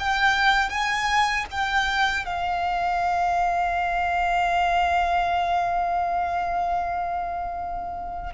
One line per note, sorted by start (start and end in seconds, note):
0.00 0.70 G5
0.70 1.46 G#5
1.52 2.26 G5
2.26 8.33 F5